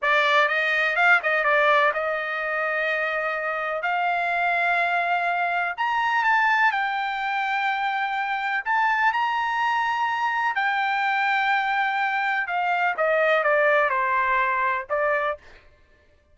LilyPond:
\new Staff \with { instrumentName = "trumpet" } { \time 4/4 \tempo 4 = 125 d''4 dis''4 f''8 dis''8 d''4 | dis''1 | f''1 | ais''4 a''4 g''2~ |
g''2 a''4 ais''4~ | ais''2 g''2~ | g''2 f''4 dis''4 | d''4 c''2 d''4 | }